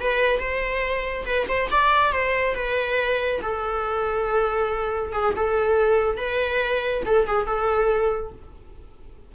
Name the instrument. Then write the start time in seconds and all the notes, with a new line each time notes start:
viola
0.00 B4
0.39 C5
1.25 B4
1.48 C5
1.70 D5
2.12 C5
2.55 B4
3.42 A4
5.12 G#4
5.36 A4
6.17 B4
7.05 A4
7.26 G#4
7.46 A4